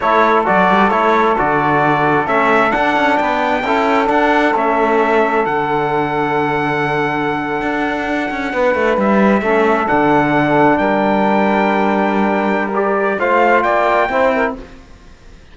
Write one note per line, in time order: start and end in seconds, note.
0.00 0.47 A3
0.00 0.45 E4
0.00 3.19 A4
0.00 0.44 C#5
0.45 0.69 F#3
0.45 0.90 F#4
0.45 0.90 D5
0.69 0.90 G3
0.90 1.36 A3
0.90 1.36 E4
0.90 1.36 C#5
1.37 2.27 D3
1.37 2.26 F#4
1.37 2.27 D5
2.26 2.72 A3
2.26 2.70 C#4
2.26 2.71 E5
2.70 3.61 D4
2.70 2.96 D4
2.70 3.17 F#5
2.96 3.19 C#4
3.17 3.63 B3
3.17 3.63 B4
3.17 4.08 G5
3.63 4.09 C#4
3.63 4.05 E4
3.63 8.52 A4
4.05 4.51 D4
4.05 4.54 D4
4.05 4.54 F#5
4.54 5.45 A3
4.54 5.46 C#4
4.54 5.45 E5
5.45 7.61 D3
5.45 9.44 D4
5.45 8.98 F#5
7.61 8.30 D4
8.30 8.53 C#4
8.53 8.74 B3
8.53 9.41 B4
8.74 8.97 A3
8.97 9.41 G3
8.97 9.87 E5
9.41 9.87 A3
9.41 9.87 C#4
9.41 10.77 A4
9.87 10.79 D3
9.87 12.71 D4
9.87 10.77 F#5
10.77 13.17 G3
10.77 13.17 A#4
10.77 12.70 G5
12.74 13.19 G4
12.74 13.19 D5
13.18 13.64 A3
13.18 14.09 F4
13.18 13.62 C5
13.18 13.62 F5
13.62 14.09 A#3
13.62 14.08 D5
13.62 14.53 G5
14.09 14.54 C4
14.09 14.55 E4
14.09 14.34 C5
14.34 14.56 A#4